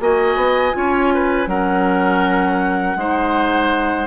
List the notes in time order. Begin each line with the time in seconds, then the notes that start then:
0.00 A#3 F#4 D#5 G#5
0.36 B3
0.73 C#4 F4 C#5
1.14 B4
1.47 F#3 C#4 A#4 F#5
2.96 G#3 D#4 C5